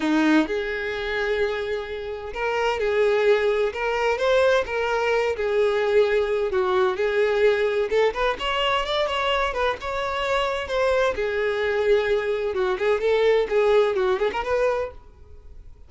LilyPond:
\new Staff \with { instrumentName = "violin" } { \time 4/4 \tempo 4 = 129 dis'4 gis'2.~ | gis'4 ais'4 gis'2 | ais'4 c''4 ais'4. gis'8~ | gis'2 fis'4 gis'4~ |
gis'4 a'8 b'8 cis''4 d''8 cis''8~ | cis''8 b'8 cis''2 c''4 | gis'2. fis'8 gis'8 | a'4 gis'4 fis'8 gis'16 ais'16 b'4 | }